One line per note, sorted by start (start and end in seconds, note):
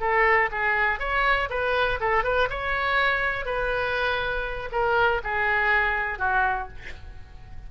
0.00 0.50 A4
0.51 0.99 G#4
0.99 1.49 C#5
1.50 1.99 B4
2.00 2.24 A4
2.24 2.48 B4
2.50 3.45 C#5
3.45 4.69 B4
4.72 5.21 A#4
5.24 6.19 G#4
6.19 6.68 F#4